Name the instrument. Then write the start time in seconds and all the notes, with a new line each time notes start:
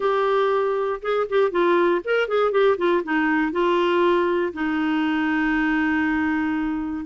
clarinet
0.00 G4
1.02 G#4
1.29 G4
1.51 F4
2.04 A#4
2.28 G#4
2.51 G4
2.77 F4
3.03 D#4
3.52 F4
4.53 D#4